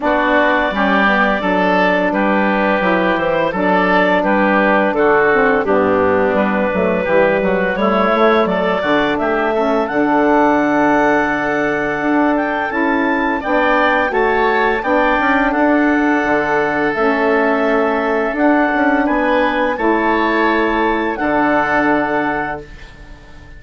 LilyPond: <<
  \new Staff \with { instrumentName = "clarinet" } { \time 4/4 \tempo 4 = 85 d''2. b'4~ | b'8 c''8 d''4 b'4 a'4 | g'4 b'2 cis''4 | d''4 e''4 fis''2~ |
fis''4. g''8 a''4 g''4 | a''4 g''4 fis''2 | e''2 fis''4 gis''4 | a''2 fis''2 | }
  \new Staff \with { instrumentName = "oboe" } { \time 4/4 fis'4 g'4 a'4 g'4~ | g'4 a'4 g'4 fis'4 | d'2 g'8 fis'8 e'4 | a'8 fis'8 g'8 a'2~ a'8~ |
a'2. d''4 | cis''4 d''4 a'2~ | a'2. b'4 | cis''2 a'2 | }
  \new Staff \with { instrumentName = "saxophone" } { \time 4/4 d'4 cis'8 b8 d'2 | e'4 d'2~ d'8 c'8 | b4. a8 g4 a4~ | a8 d'4 cis'8 d'2~ |
d'2 e'4 d'4 | fis'4 d'2. | cis'2 d'2 | e'2 d'2 | }
  \new Staff \with { instrumentName = "bassoon" } { \time 4/4 b4 g4 fis4 g4 | fis8 e8 fis4 g4 d4 | g,4 g8 fis8 e8 fis8 g8 a8 | fis8 d8 a4 d2~ |
d4 d'4 cis'4 b4 | a4 b8 cis'8 d'4 d4 | a2 d'8 cis'8 b4 | a2 d2 | }
>>